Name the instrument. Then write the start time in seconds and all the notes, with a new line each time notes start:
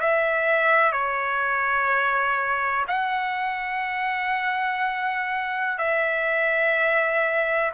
trumpet
0.00 E5
0.92 C#5
2.88 F#5
5.78 E5